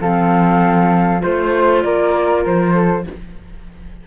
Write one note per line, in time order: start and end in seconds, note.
0.00 1.22 F3
0.00 1.20 C4
0.00 1.21 A4
0.00 1.22 F5
1.20 1.84 A3
1.20 3.04 F4
1.20 1.83 C5
1.20 1.82 C5
1.82 2.45 A#3
1.82 2.74 A#4
1.82 2.44 D5
2.45 3.07 F3
2.45 3.07 C5
2.74 3.04 A4